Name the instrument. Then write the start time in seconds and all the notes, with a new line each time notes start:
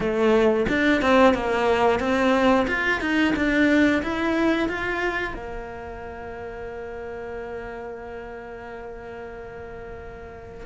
cello
0.00 A3
0.68 D4
1.02 C4
1.34 A#3
1.99 C4
2.67 F4
3.00 D#4
3.35 D4
4.02 E4
4.68 F4
5.34 A#3